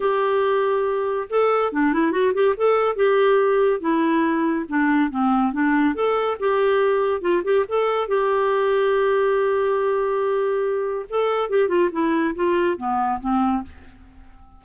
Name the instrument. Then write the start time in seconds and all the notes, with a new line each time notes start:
clarinet
0.00 G4
1.29 A4
1.72 D4
1.93 E4
2.11 F#4
2.33 G4
2.56 A4
2.95 G4
3.80 E4
4.68 D4
5.10 C4
5.52 D4
5.94 A4
6.39 G4
7.21 F4
7.44 G4
7.68 A4
8.08 G4
11.09 A4
11.49 G4
11.68 F4
11.92 E4
12.35 F4
12.77 B3
13.20 C4